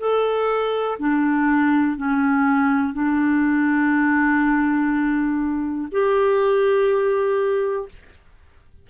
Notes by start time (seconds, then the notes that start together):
0.00 A4
0.99 D4
1.97 C#4
2.94 D4
5.92 G4